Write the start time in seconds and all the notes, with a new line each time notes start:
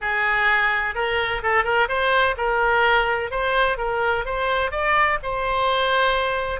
0.01 G#4
0.94 A#4
1.43 A4
1.64 A#4
1.88 C5
2.37 A#4
3.30 C5
3.77 A#4
4.25 C5
4.71 D5
5.22 C5